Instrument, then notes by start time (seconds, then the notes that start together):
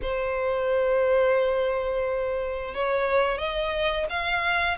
violin
0.02 C5
2.74 C#5
3.38 D#5
4.09 F5